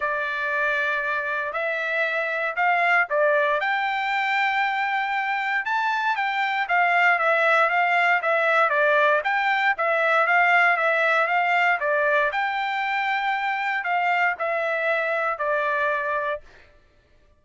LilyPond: \new Staff \with { instrumentName = "trumpet" } { \time 4/4 \tempo 4 = 117 d''2. e''4~ | e''4 f''4 d''4 g''4~ | g''2. a''4 | g''4 f''4 e''4 f''4 |
e''4 d''4 g''4 e''4 | f''4 e''4 f''4 d''4 | g''2. f''4 | e''2 d''2 | }